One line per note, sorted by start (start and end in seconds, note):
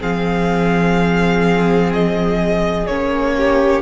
0.00 2.87 F3
0.00 2.86 C4
0.00 3.33 G#4
0.00 1.92 F5
1.93 2.87 D#5
2.87 3.82 A#3
2.87 3.82 C#4
2.87 3.82 C#5
3.36 3.82 G4